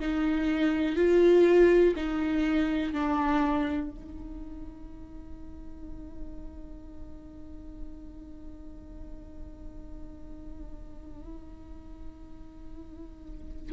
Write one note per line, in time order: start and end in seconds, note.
0.00 0.97 D#4
0.97 1.95 F4
1.97 2.94 D#4
2.94 3.91 D4
3.91 13.73 D#4